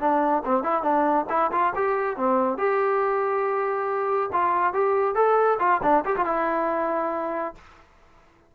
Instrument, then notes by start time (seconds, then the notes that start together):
trombone
0.00 D4
0.45 C4
0.64 E4
0.83 D4
1.29 E4
1.52 F4
1.75 G4
2.17 C4
2.58 G4
4.33 F4
4.73 G4
5.15 A4
5.59 F4
5.83 D4
6.05 G4
6.17 F4
6.26 E4